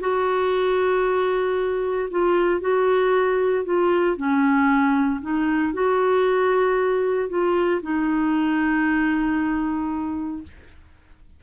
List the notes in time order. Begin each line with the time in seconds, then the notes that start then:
0.00 F#4
2.11 F4
2.60 F#4
3.64 F4
4.16 C#4
5.21 D#4
5.73 F#4
7.29 F4
7.82 D#4